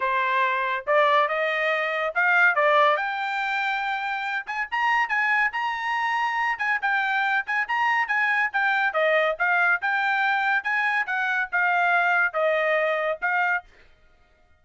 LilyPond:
\new Staff \with { instrumentName = "trumpet" } { \time 4/4 \tempo 4 = 141 c''2 d''4 dis''4~ | dis''4 f''4 d''4 g''4~ | g''2~ g''8 gis''8 ais''4 | gis''4 ais''2~ ais''8 gis''8 |
g''4. gis''8 ais''4 gis''4 | g''4 dis''4 f''4 g''4~ | g''4 gis''4 fis''4 f''4~ | f''4 dis''2 f''4 | }